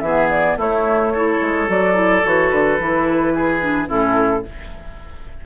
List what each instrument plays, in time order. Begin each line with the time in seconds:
0.00 bassoon E3, clarinet B3, oboe G#4, flute E5
0.31 flute D5
0.57 bassoon A3, clarinet A3, oboe E4, flute C#5
1.14 clarinet E4, oboe A4
1.42 bassoon G#3
1.68 bassoon F#3, clarinet F#4, flute D5
1.94 clarinet E4
2.25 bassoon E3, clarinet F#4, flute C#5
2.50 bassoon D3, flute B4
2.80 bassoon E3, clarinet E4
3.35 oboe G#4
3.61 clarinet D4
3.87 bassoon A2, clarinet C#4, oboe E4, flute A4